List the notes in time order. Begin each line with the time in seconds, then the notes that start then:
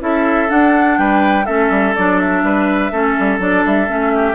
0.00 C#4 E4 A4 E5
0.48 D4 F#5
0.98 G3 B4 G5
1.46 A3 C#4 A4 E5
1.70 G3
1.96 F#3 D4 D5
2.20 E5
2.43 G3 B4
2.92 A3 C#4 A4
3.19 G3
3.39 F#3 D4 D5
3.66 G3 E5
3.87 A3 C#4
4.15 G4